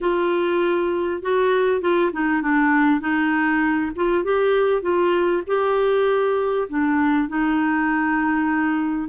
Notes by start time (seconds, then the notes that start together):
0.00 F4
1.21 F#4
1.81 F4
2.12 D#4
2.42 D4
3.00 D#4
3.95 F4
4.24 G4
4.82 F4
5.46 G4
6.68 D4
7.28 D#4